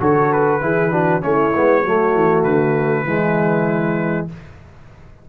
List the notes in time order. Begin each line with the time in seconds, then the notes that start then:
0.00 D3 F#4 A4 C#5
0.33 B4
0.61 E3 E4 G#4
0.91 D4 F#4
1.21 A3 C#4 E4 C#5
1.56 G#3 B3
1.83 F#3 A3 F#4
2.15 E3
2.44 D3 B4
3.06 E3 G#3 E4